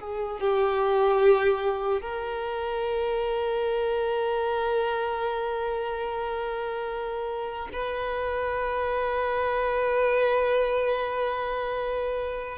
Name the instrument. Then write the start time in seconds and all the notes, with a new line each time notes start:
violin
0.00 G#4
0.40 G4
2.01 A#4
7.73 B4